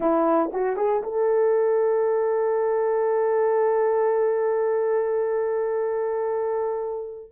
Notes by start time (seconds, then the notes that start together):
0.00 E4
0.52 F#4
0.76 G#4
1.03 A4